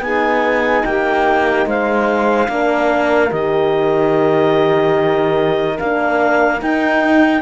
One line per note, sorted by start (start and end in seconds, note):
0.00 0.82 B3
0.00 2.48 D#4
0.00 0.85 G#4
0.00 0.84 G#5
0.84 1.66 A#3
0.84 1.67 G4
0.84 1.66 G5
1.66 2.48 G#3
1.66 2.48 C5
1.66 3.32 F5
2.48 3.30 A#3
2.48 3.30 D4
2.48 7.41 A#4
3.30 5.78 D#3
3.30 5.77 G4
3.30 5.78 D#5
5.79 6.61 A#3
5.79 6.59 D4
5.79 6.61 F5
6.59 7.41 D#4
6.59 7.41 G5